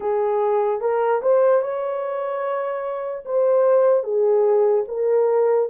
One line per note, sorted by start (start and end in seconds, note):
0.00 0.80 G#4
0.80 1.21 A#4
1.22 1.62 C5
1.62 3.24 C#5
3.25 4.03 C5
4.03 4.84 G#4
4.88 5.69 A#4